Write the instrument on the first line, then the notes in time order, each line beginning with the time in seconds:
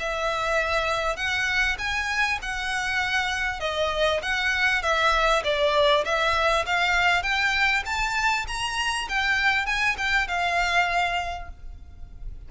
violin
0.00 E5
1.17 F#5
1.79 G#5
2.42 F#5
3.60 D#5
4.23 F#5
4.83 E5
5.44 D5
6.05 E5
6.66 F5
7.23 G5
7.86 A5
8.48 A#5
9.09 G5
9.66 G#5
9.98 G5
10.28 F5